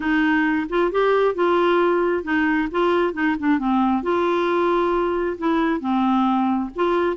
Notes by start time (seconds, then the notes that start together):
0.00 D#4
0.69 F4
0.91 G4
1.34 F4
2.23 D#4
2.71 F4
3.13 D#4
3.39 D4
3.59 C4
4.03 F4
5.38 E4
5.80 C4
6.75 F4